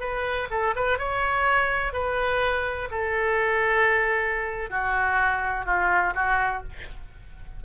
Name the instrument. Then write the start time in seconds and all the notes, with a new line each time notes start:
oboe
0.00 B4
0.50 A4
0.75 B4
0.99 C#5
1.93 B4
2.91 A4
4.70 F#4
5.66 F4
6.15 F#4